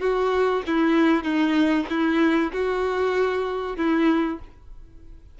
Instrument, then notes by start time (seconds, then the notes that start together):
violin
0.00 F#4
0.66 E4
1.24 D#4
1.89 E4
2.53 F#4
3.77 E4